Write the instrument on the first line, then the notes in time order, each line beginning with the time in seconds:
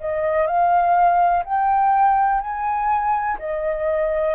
flute
0.00 D#5
0.47 F5
1.44 G5
2.41 G#5
3.39 D#5